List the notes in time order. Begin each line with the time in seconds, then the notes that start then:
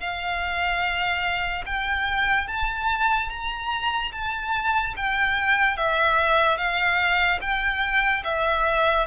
0.00 F5
1.66 G5
2.48 A5
3.30 A#5
4.12 A5
4.97 G5
5.77 E5
6.58 F5
7.41 G5
8.24 E5